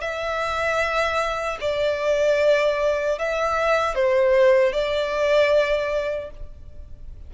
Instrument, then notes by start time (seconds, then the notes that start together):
violin
0.00 E5
1.60 D5
3.18 E5
3.94 C5
4.72 D5